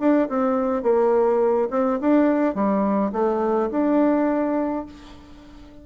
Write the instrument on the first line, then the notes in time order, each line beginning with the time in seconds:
bassoon
0.00 D4
0.29 C4
0.83 A#3
1.71 C4
2.01 D4
2.55 G3
3.13 A3
3.72 D4